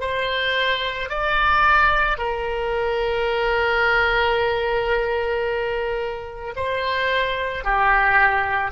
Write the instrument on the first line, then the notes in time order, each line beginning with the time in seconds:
oboe
0.00 C5
1.09 D5
2.17 A#4
6.56 C5
7.64 G4